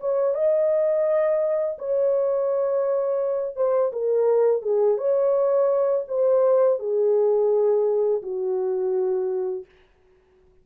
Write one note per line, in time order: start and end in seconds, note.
0.00 0.34 C#5
0.34 1.77 D#5
1.79 3.56 C#5
3.56 3.92 C5
3.93 4.62 A#4
4.62 4.98 G#4
4.98 6.05 C#5
6.08 6.79 C5
6.79 8.22 G#4
8.22 9.65 F#4